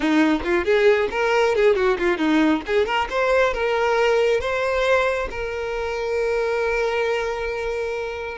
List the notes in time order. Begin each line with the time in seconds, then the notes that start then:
0.00 D#4
0.44 F4
0.64 G#4
1.10 A#4
1.55 G#4
1.75 F#4
1.98 F4
2.17 D#4
2.66 G#4
2.86 A#4
3.10 C5
3.53 A#4
4.40 C5
5.30 A#4